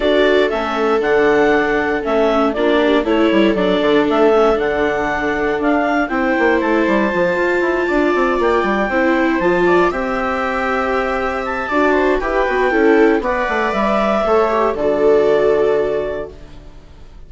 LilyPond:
<<
  \new Staff \with { instrumentName = "clarinet" } { \time 4/4 \tempo 4 = 118 d''4 e''4 fis''2 | e''4 d''4 cis''4 d''4 | e''4 fis''2 f''4 | g''4 a''2.~ |
a''8 g''2 a''4 g''8~ | g''2~ g''8 a''4. | g''2 fis''4 e''4~ | e''4 d''2. | }
  \new Staff \with { instrumentName = "viola" } { \time 4/4 a'1~ | a'4 f'8 g'8 a'2~ | a'1 | c''2.~ c''8 d''8~ |
d''4. c''4. d''8 e''8~ | e''2. d''8 c''8 | b'4 a'4 d''2 | cis''4 a'2. | }
  \new Staff \with { instrumentName = "viola" } { \time 4/4 fis'4 cis'4 d'2 | cis'4 d'4 e'4 d'4~ | d'8 cis'8 d'2. | e'2 f'2~ |
f'4. e'4 f'4 g'8~ | g'2. fis'4 | g'8 fis'8 e'4 b'2 | a'8 g'8 fis'2. | }
  \new Staff \with { instrumentName = "bassoon" } { \time 4/4 d'4 a4 d2 | a4 ais4 a8 g8 fis8 d8 | a4 d2 d'4 | c'8 ais8 a8 g8 f8 f'8 e'8 d'8 |
c'8 ais8 g8 c'4 f4 c'8~ | c'2. d'4 | e'8 b8 cis'4 b8 a8 g4 | a4 d2. | }
>>